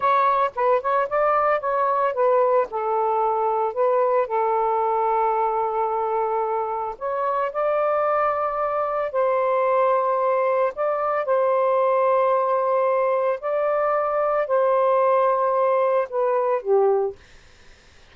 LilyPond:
\new Staff \with { instrumentName = "saxophone" } { \time 4/4 \tempo 4 = 112 cis''4 b'8 cis''8 d''4 cis''4 | b'4 a'2 b'4 | a'1~ | a'4 cis''4 d''2~ |
d''4 c''2. | d''4 c''2.~ | c''4 d''2 c''4~ | c''2 b'4 g'4 | }